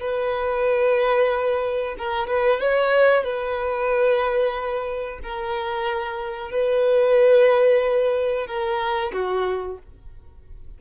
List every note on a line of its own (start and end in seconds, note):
0.00 1.96 B4
1.98 2.27 A#4
2.27 2.60 B4
2.60 3.24 C#5
3.24 5.19 B4
5.23 6.51 A#4
6.51 8.47 B4
8.47 9.12 A#4
9.12 9.78 F#4